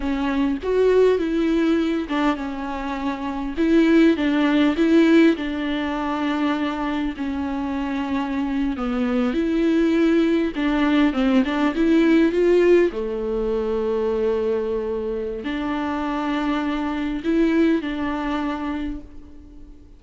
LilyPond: \new Staff \with { instrumentName = "viola" } { \time 4/4 \tempo 4 = 101 cis'4 fis'4 e'4. d'8 | cis'2 e'4 d'4 | e'4 d'2. | cis'2~ cis'8. b4 e'16~ |
e'4.~ e'16 d'4 c'8 d'8 e'16~ | e'8. f'4 a2~ a16~ | a2 d'2~ | d'4 e'4 d'2 | }